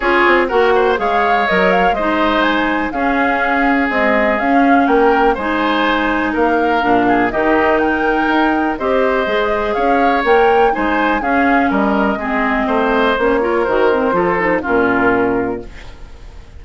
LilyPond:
<<
  \new Staff \with { instrumentName = "flute" } { \time 4/4 \tempo 4 = 123 cis''4 fis''4 f''4 dis''8 f''8 | dis''4 gis''4 f''2 | dis''4 f''4 g''4 gis''4~ | gis''4 f''2 dis''4 |
g''2 dis''2 | f''4 g''4 gis''4 f''4 | dis''2. cis''4 | c''2 ais'2 | }
  \new Staff \with { instrumentName = "oboe" } { \time 4/4 gis'4 ais'8 c''8 cis''2 | c''2 gis'2~ | gis'2 ais'4 c''4~ | c''4 ais'4. gis'8 g'4 |
ais'2 c''2 | cis''2 c''4 gis'4 | ais'4 gis'4 c''4. ais'8~ | ais'4 a'4 f'2 | }
  \new Staff \with { instrumentName = "clarinet" } { \time 4/4 f'4 fis'4 gis'4 ais'4 | dis'2 cis'2 | gis4 cis'2 dis'4~ | dis'2 d'4 dis'4~ |
dis'2 g'4 gis'4~ | gis'4 ais'4 dis'4 cis'4~ | cis'4 c'2 cis'8 f'8 | fis'8 c'8 f'8 dis'8 cis'2 | }
  \new Staff \with { instrumentName = "bassoon" } { \time 4/4 cis'8 c'8 ais4 gis4 fis4 | gis2 cis'2 | c'4 cis'4 ais4 gis4~ | gis4 ais4 ais,4 dis4~ |
dis4 dis'4 c'4 gis4 | cis'4 ais4 gis4 cis'4 | g4 gis4 a4 ais4 | dis4 f4 ais,2 | }
>>